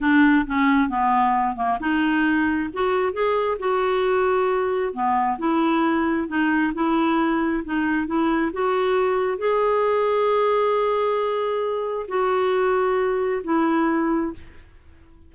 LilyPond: \new Staff \with { instrumentName = "clarinet" } { \time 4/4 \tempo 4 = 134 d'4 cis'4 b4. ais8 | dis'2 fis'4 gis'4 | fis'2. b4 | e'2 dis'4 e'4~ |
e'4 dis'4 e'4 fis'4~ | fis'4 gis'2.~ | gis'2. fis'4~ | fis'2 e'2 | }